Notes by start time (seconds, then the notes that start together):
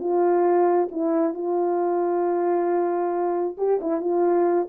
0.00 F4
0.91 E4
1.34 F4
3.58 G4
3.81 E4
4.01 F4